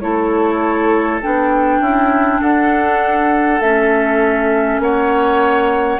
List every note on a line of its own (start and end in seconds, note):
0.00 1.22 A3
0.00 1.21 E4
0.00 1.81 A4
0.00 1.20 C#5
1.22 1.80 B3
1.22 3.62 D4
1.22 2.42 G5
1.80 2.40 C#4
1.80 2.41 E4
2.41 3.60 D4
2.41 4.81 A4
2.41 3.60 F#5
3.60 4.79 A3
3.60 6.00 C#4
3.60 4.80 E5
4.79 5.99 A#3
4.79 6.00 C#5
4.79 6.00 F#5